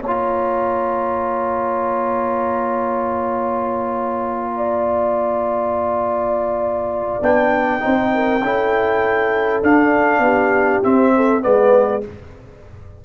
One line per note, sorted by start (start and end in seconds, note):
0.00 7.20 A#3
0.00 4.52 C#5
0.00 7.22 A#5
0.06 7.22 F4
4.56 7.83 D5
7.21 7.82 B3
7.21 7.80 D4
7.21 9.63 G5
7.80 8.42 C4
7.80 8.40 D#4
7.80 8.13 C5
8.14 8.43 A#4
8.42 9.62 C#4
8.42 9.63 E4
8.42 10.23 A4
9.63 10.19 D4
9.63 10.83 D4
9.63 10.83 F5
10.19 10.79 B3
10.19 11.13 G4
10.83 11.41 C4
10.83 11.45 C4
10.83 11.43 E5
11.15 11.43 A4
11.41 12.05 G#3
11.41 12.01 B3
11.41 12.03 B4
11.41 12.03 D5